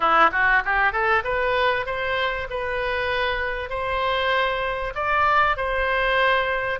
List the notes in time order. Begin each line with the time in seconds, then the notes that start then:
0.00 E4
0.31 F#4
0.65 G4
0.92 A4
1.24 B4
1.86 C5
2.50 B4
3.69 C5
4.95 D5
5.57 C5